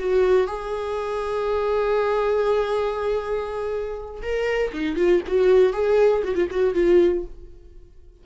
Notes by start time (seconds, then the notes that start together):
0.00 F#4
0.47 G#4
4.23 A#4
4.73 D#4
4.97 F4
5.27 F#4
5.74 G#4
6.24 F#4
6.36 F4
6.51 F#4
6.75 F4